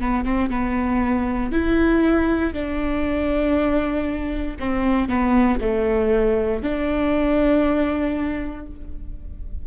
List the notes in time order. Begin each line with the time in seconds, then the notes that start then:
0.00 B3
0.24 C4
0.49 B3
1.52 E4
2.53 D4
4.59 C4
5.08 B3
5.60 A3
6.62 D4